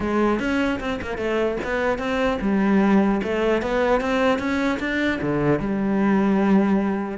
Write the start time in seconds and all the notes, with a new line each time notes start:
0.00 G#3
0.39 C#4
0.79 C4
1.01 A#3
1.17 A3
1.64 B3
1.98 C4
2.41 G3
3.23 A3
3.61 B3
4.00 C4
4.38 C#4
4.79 D4
5.21 D3
5.59 G3